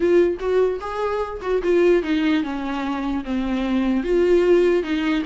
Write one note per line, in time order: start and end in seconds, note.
0.00 0.38 F4
0.39 0.79 F#4
0.80 1.40 G#4
1.41 1.61 F#4
1.62 2.03 F4
2.03 2.43 D#4
2.43 3.23 C#4
3.24 4.03 C4
4.03 4.83 F4
4.83 5.23 D#4